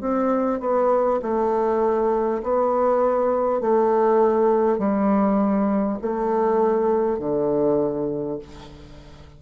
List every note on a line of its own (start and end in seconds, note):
0.00 0.60 C4
0.60 1.20 B3
1.22 2.42 A3
2.42 3.60 B3
3.60 4.78 A3
4.78 5.98 G3
6.01 7.18 A3
7.18 8.38 D3